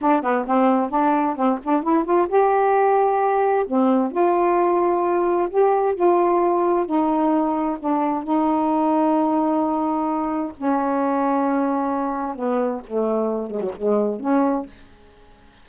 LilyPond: \new Staff \with { instrumentName = "saxophone" } { \time 4/4 \tempo 4 = 131 d'8 b8 c'4 d'4 c'8 d'8 | e'8 f'8 g'2. | c'4 f'2. | g'4 f'2 dis'4~ |
dis'4 d'4 dis'2~ | dis'2. cis'4~ | cis'2. b4 | a4. gis16 fis16 gis4 cis'4 | }